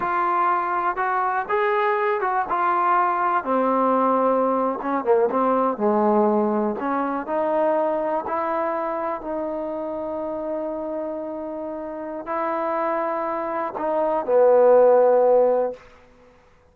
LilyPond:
\new Staff \with { instrumentName = "trombone" } { \time 4/4 \tempo 4 = 122 f'2 fis'4 gis'4~ | gis'8 fis'8 f'2 c'4~ | c'4.~ c'16 cis'8 ais8 c'4 gis16~ | gis4.~ gis16 cis'4 dis'4~ dis'16~ |
dis'8. e'2 dis'4~ dis'16~ | dis'1~ | dis'4 e'2. | dis'4 b2. | }